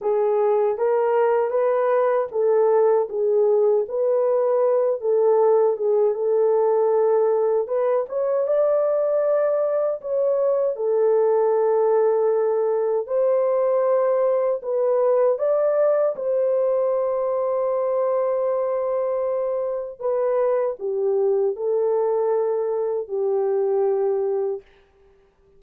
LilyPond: \new Staff \with { instrumentName = "horn" } { \time 4/4 \tempo 4 = 78 gis'4 ais'4 b'4 a'4 | gis'4 b'4. a'4 gis'8 | a'2 b'8 cis''8 d''4~ | d''4 cis''4 a'2~ |
a'4 c''2 b'4 | d''4 c''2.~ | c''2 b'4 g'4 | a'2 g'2 | }